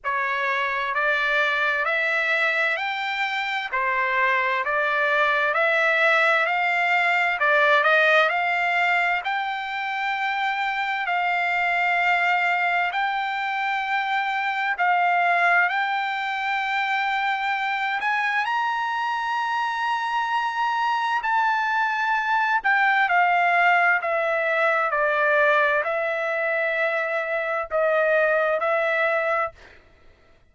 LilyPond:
\new Staff \with { instrumentName = "trumpet" } { \time 4/4 \tempo 4 = 65 cis''4 d''4 e''4 g''4 | c''4 d''4 e''4 f''4 | d''8 dis''8 f''4 g''2 | f''2 g''2 |
f''4 g''2~ g''8 gis''8 | ais''2. a''4~ | a''8 g''8 f''4 e''4 d''4 | e''2 dis''4 e''4 | }